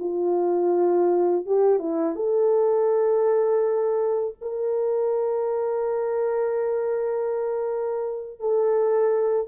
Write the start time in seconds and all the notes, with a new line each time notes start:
0.00 F4
1.46 G4
1.80 E4
2.16 A4
4.42 A#4
8.40 A4